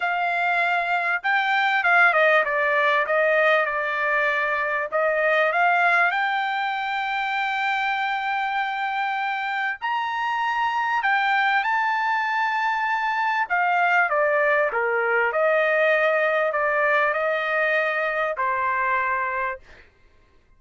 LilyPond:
\new Staff \with { instrumentName = "trumpet" } { \time 4/4 \tempo 4 = 98 f''2 g''4 f''8 dis''8 | d''4 dis''4 d''2 | dis''4 f''4 g''2~ | g''1 |
ais''2 g''4 a''4~ | a''2 f''4 d''4 | ais'4 dis''2 d''4 | dis''2 c''2 | }